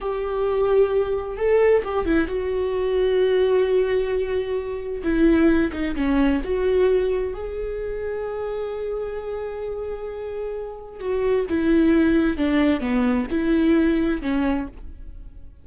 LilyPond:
\new Staff \with { instrumentName = "viola" } { \time 4/4 \tempo 4 = 131 g'2. a'4 | g'8 e'8 fis'2.~ | fis'2. e'4~ | e'8 dis'8 cis'4 fis'2 |
gis'1~ | gis'1 | fis'4 e'2 d'4 | b4 e'2 cis'4 | }